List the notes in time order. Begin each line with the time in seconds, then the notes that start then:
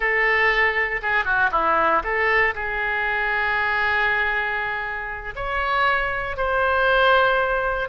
0.00 A4
1.02 G#4
1.24 F#4
1.51 E4
2.03 A4
2.54 G#4
5.35 C#5
6.36 C5